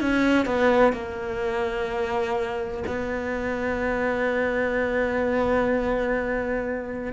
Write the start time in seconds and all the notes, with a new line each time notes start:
0.00 C#4
0.45 B3
0.93 A#3
2.86 B3